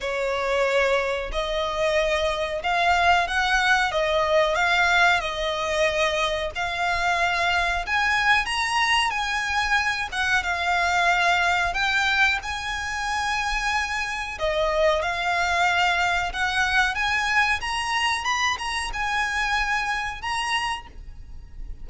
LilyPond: \new Staff \with { instrumentName = "violin" } { \time 4/4 \tempo 4 = 92 cis''2 dis''2 | f''4 fis''4 dis''4 f''4 | dis''2 f''2 | gis''4 ais''4 gis''4. fis''8 |
f''2 g''4 gis''4~ | gis''2 dis''4 f''4~ | f''4 fis''4 gis''4 ais''4 | b''8 ais''8 gis''2 ais''4 | }